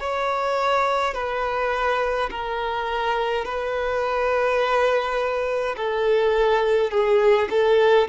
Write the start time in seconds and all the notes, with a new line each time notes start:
0.00 C#5
1.14 B4
2.30 A#4
3.45 B4
5.77 A4
6.91 G#4
7.50 A4